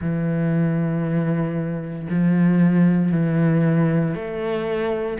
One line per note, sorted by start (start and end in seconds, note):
0.00 2.07 E3
2.09 3.11 F3
3.11 4.14 E3
4.14 5.18 A3